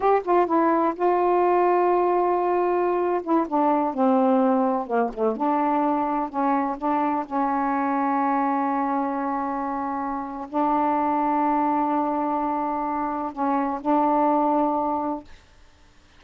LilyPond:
\new Staff \with { instrumentName = "saxophone" } { \time 4/4 \tempo 4 = 126 g'8 f'8 e'4 f'2~ | f'2~ f'8. e'8 d'8.~ | d'16 c'2 ais8 a8 d'8.~ | d'4~ d'16 cis'4 d'4 cis'8.~ |
cis'1~ | cis'2 d'2~ | d'1 | cis'4 d'2. | }